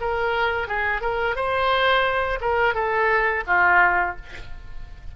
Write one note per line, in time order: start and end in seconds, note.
0.00 0.67 A#4
0.67 1.01 G#4
1.01 1.35 A#4
1.35 2.39 C5
2.41 2.74 A#4
2.74 3.43 A4
3.47 4.16 F4